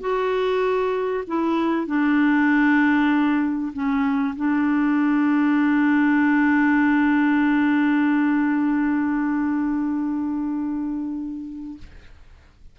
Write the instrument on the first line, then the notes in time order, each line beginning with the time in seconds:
clarinet
0.00 F#4
1.27 E4
1.86 D4
3.73 C#4
4.36 D4